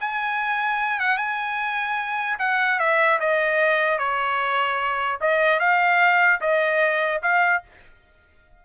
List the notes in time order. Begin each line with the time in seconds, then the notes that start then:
0.00 G#5
0.99 F#5
1.17 G#5
2.39 F#5
2.79 E5
3.20 D#5
3.98 C#5
5.21 D#5
5.60 F5
6.41 D#5
7.22 F5